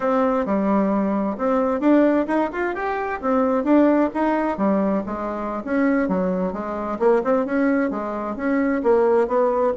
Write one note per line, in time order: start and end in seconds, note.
0.00 0.45 C4
0.45 1.37 G3
1.37 1.80 C4
1.80 2.26 D4
2.27 2.50 D#4
2.52 2.74 F4
2.74 3.20 G4
3.21 3.63 C4
3.63 4.09 D4
4.14 4.57 D#4
4.57 5.03 G3
5.05 5.63 G#3
5.64 6.08 C#4
6.08 6.52 F#3
6.52 6.98 G#3
6.99 7.22 A#3
7.24 7.45 C4
7.45 7.90 C#4
7.90 8.36 G#3
8.36 8.81 C#4
8.83 9.27 A#3
9.27 9.73 B3